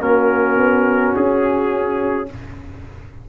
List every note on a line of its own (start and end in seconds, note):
0.00 0.57 A#3
0.00 2.26 C#4
0.00 2.28 F#4
0.00 1.15 A#4
0.57 1.13 B3
1.16 2.29 C#4
1.16 2.29 G#4